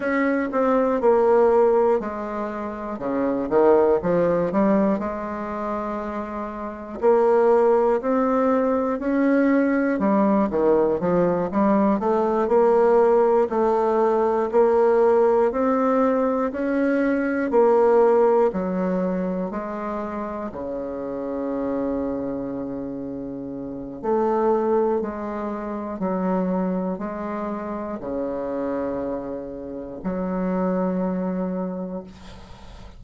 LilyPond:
\new Staff \with { instrumentName = "bassoon" } { \time 4/4 \tempo 4 = 60 cis'8 c'8 ais4 gis4 cis8 dis8 | f8 g8 gis2 ais4 | c'4 cis'4 g8 dis8 f8 g8 | a8 ais4 a4 ais4 c'8~ |
c'8 cis'4 ais4 fis4 gis8~ | gis8 cis2.~ cis8 | a4 gis4 fis4 gis4 | cis2 fis2 | }